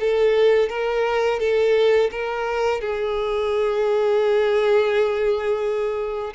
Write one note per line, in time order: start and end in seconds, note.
0.00 0.69 A4
0.69 1.40 A#4
1.40 2.10 A4
2.11 2.81 A#4
2.81 6.34 G#4